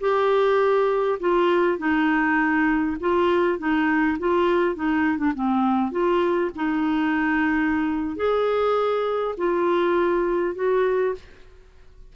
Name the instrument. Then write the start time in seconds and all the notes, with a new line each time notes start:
clarinet
0.00 G4
1.20 F4
1.78 D#4
3.00 F4
3.58 D#4
4.19 F4
4.75 D#4
5.18 D4
5.35 C4
5.91 F4
6.55 D#4
8.16 G#4
9.37 F4
10.55 F#4